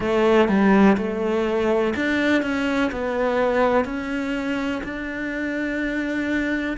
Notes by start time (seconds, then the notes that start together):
0.00 A3
0.48 G3
0.97 A3
1.96 D4
2.42 C#4
2.91 B3
3.84 C#4
4.83 D4